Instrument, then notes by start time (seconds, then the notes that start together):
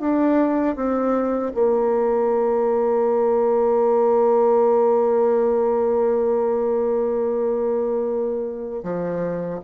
bassoon
0.00 D4
0.76 C4
1.54 A#3
8.83 F3